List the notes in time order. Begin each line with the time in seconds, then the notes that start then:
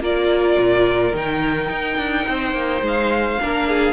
0.00 A#3 F4 A#4 D5
0.58 A#2
1.13 D#3 D#4 G5
1.70 D#4
1.98 D4
2.28 C4 C5
2.53 A#3
2.81 G#3
2.87 F5
3.40 A#3 D4 A#4
3.68 G#4